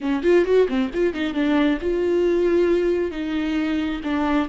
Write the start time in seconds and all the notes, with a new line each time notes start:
0.00 C#4
0.22 F4
0.44 F#4
0.68 C4
0.93 F4
1.13 D#4
1.33 D4
1.81 F4
3.11 D#4
4.03 D4